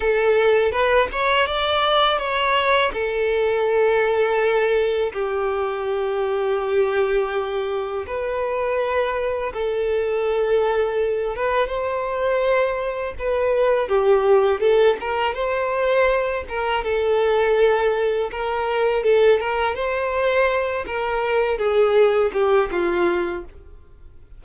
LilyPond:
\new Staff \with { instrumentName = "violin" } { \time 4/4 \tempo 4 = 82 a'4 b'8 cis''8 d''4 cis''4 | a'2. g'4~ | g'2. b'4~ | b'4 a'2~ a'8 b'8 |
c''2 b'4 g'4 | a'8 ais'8 c''4. ais'8 a'4~ | a'4 ais'4 a'8 ais'8 c''4~ | c''8 ais'4 gis'4 g'8 f'4 | }